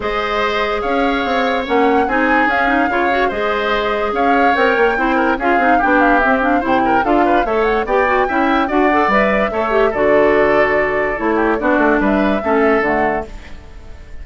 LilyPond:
<<
  \new Staff \with { instrumentName = "flute" } { \time 4/4 \tempo 4 = 145 dis''2 f''2 | fis''4 gis''4 f''2 | dis''2 f''4 g''4~ | g''4 f''4 g''8 f''8 e''8 f''8 |
g''4 f''4 e''8 fis''8 g''4~ | g''4 fis''4 e''2 | d''2. cis''4 | d''4 e''2 fis''4 | }
  \new Staff \with { instrumentName = "oboe" } { \time 4/4 c''2 cis''2~ | cis''4 gis'2 cis''4 | c''2 cis''2 | c''8 ais'8 gis'4 g'2 |
c''8 ais'8 a'8 b'8 cis''4 d''4 | e''4 d''2 cis''4 | a'2.~ a'8 g'8 | fis'4 b'4 a'2 | }
  \new Staff \with { instrumentName = "clarinet" } { \time 4/4 gis'1 | cis'4 dis'4 cis'8 dis'8 f'8 fis'8 | gis'2. ais'4 | e'4 f'8 dis'8 d'4 c'8 d'8 |
e'4 f'4 a'4 g'8 fis'8 | e'4 fis'8 a'8 b'4 a'8 g'8 | fis'2. e'4 | d'2 cis'4 a4 | }
  \new Staff \with { instrumentName = "bassoon" } { \time 4/4 gis2 cis'4 c'4 | ais4 c'4 cis'4 cis4 | gis2 cis'4 c'8 ais8 | c'4 cis'8 c'8 b4 c'4 |
c4 d'4 a4 b4 | cis'4 d'4 g4 a4 | d2. a4 | b8 a8 g4 a4 d4 | }
>>